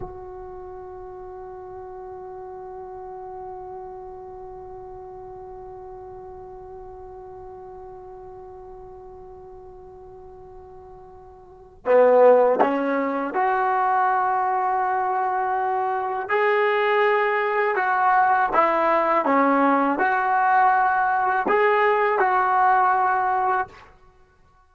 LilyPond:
\new Staff \with { instrumentName = "trombone" } { \time 4/4 \tempo 4 = 81 fis'1~ | fis'1~ | fis'1~ | fis'1 |
b4 cis'4 fis'2~ | fis'2 gis'2 | fis'4 e'4 cis'4 fis'4~ | fis'4 gis'4 fis'2 | }